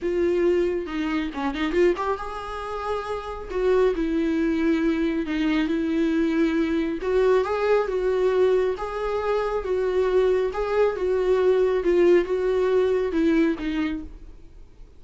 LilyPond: \new Staff \with { instrumentName = "viola" } { \time 4/4 \tempo 4 = 137 f'2 dis'4 cis'8 dis'8 | f'8 g'8 gis'2. | fis'4 e'2. | dis'4 e'2. |
fis'4 gis'4 fis'2 | gis'2 fis'2 | gis'4 fis'2 f'4 | fis'2 e'4 dis'4 | }